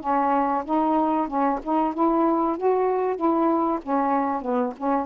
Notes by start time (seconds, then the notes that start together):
0.00 C#4
0.65 D#4
1.27 C#4
1.63 D#4
1.94 E4
2.57 F#4
3.16 E4
3.82 C#4
4.41 B3
4.77 C#4